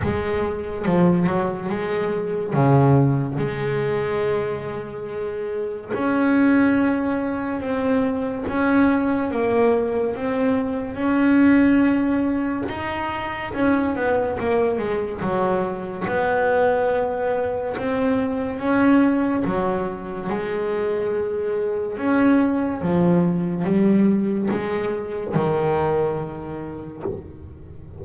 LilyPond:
\new Staff \with { instrumentName = "double bass" } { \time 4/4 \tempo 4 = 71 gis4 f8 fis8 gis4 cis4 | gis2. cis'4~ | cis'4 c'4 cis'4 ais4 | c'4 cis'2 dis'4 |
cis'8 b8 ais8 gis8 fis4 b4~ | b4 c'4 cis'4 fis4 | gis2 cis'4 f4 | g4 gis4 dis2 | }